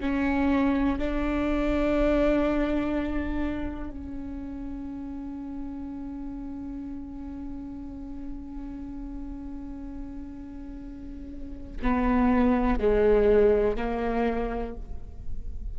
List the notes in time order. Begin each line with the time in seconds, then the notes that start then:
0.00 C#4
0.98 D4
3.90 C#4
11.82 B3
12.79 G#3
13.77 A#3